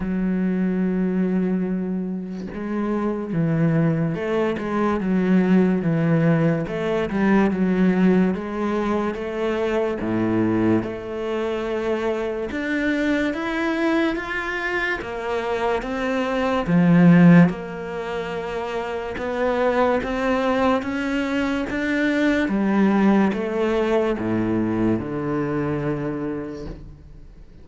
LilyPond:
\new Staff \with { instrumentName = "cello" } { \time 4/4 \tempo 4 = 72 fis2. gis4 | e4 a8 gis8 fis4 e4 | a8 g8 fis4 gis4 a4 | a,4 a2 d'4 |
e'4 f'4 ais4 c'4 | f4 ais2 b4 | c'4 cis'4 d'4 g4 | a4 a,4 d2 | }